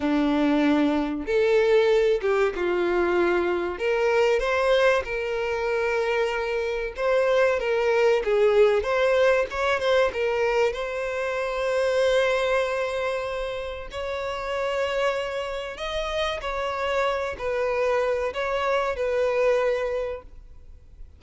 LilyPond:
\new Staff \with { instrumentName = "violin" } { \time 4/4 \tempo 4 = 95 d'2 a'4. g'8 | f'2 ais'4 c''4 | ais'2. c''4 | ais'4 gis'4 c''4 cis''8 c''8 |
ais'4 c''2.~ | c''2 cis''2~ | cis''4 dis''4 cis''4. b'8~ | b'4 cis''4 b'2 | }